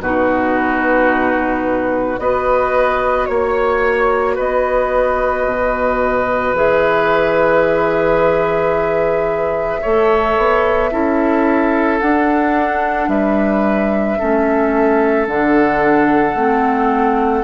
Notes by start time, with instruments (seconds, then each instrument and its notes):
0.00 bassoon B2, clarinet D#4, oboe F#4, flute B4
2.17 bassoon B3, clarinet F#4, oboe B4, flute D#5
3.26 bassoon A#3, flute C#5, oboe C#5
4.35 bassoon B3, oboe B4, flute D#5
5.45 bassoon B2
6.53 bassoon E3, clarinet G#4, flute E5
9.81 bassoon A3, clarinet A4, oboe C#5
10.37 bassoon B3
10.91 bassoon C#4, clarinet E4, oboe A4
12.00 clarinet D4, bassoon D4, flute F#5
13.08 bassoon G3, oboe B4, flute E5
14.18 bassoon A3, clarinet C#4, oboe A4
15.27 bassoon D3, clarinet D4, flute F#5
16.35 bassoon A3, clarinet C4